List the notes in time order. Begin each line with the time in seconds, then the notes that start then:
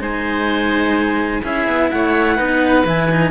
0.00 G#3 D#4 C5 G#5
1.43 C#4 E4 G#4 E5
1.67 B3
1.90 A3 C#5 F#5
2.36 B3 D#4 B4
2.85 E3 E4 G#5
3.11 D#4